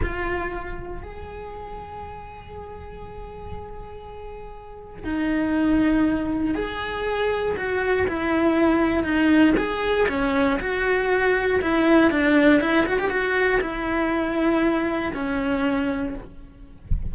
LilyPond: \new Staff \with { instrumentName = "cello" } { \time 4/4 \tempo 4 = 119 f'2 gis'2~ | gis'1~ | gis'2 dis'2~ | dis'4 gis'2 fis'4 |
e'2 dis'4 gis'4 | cis'4 fis'2 e'4 | d'4 e'8 fis'16 g'16 fis'4 e'4~ | e'2 cis'2 | }